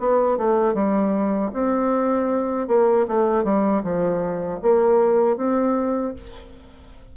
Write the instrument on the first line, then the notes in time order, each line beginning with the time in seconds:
bassoon
0.00 B3
0.38 A3
0.74 G3
1.53 C4
2.68 A#3
3.08 A3
3.44 G3
3.84 F3
4.63 A#3
5.37 C4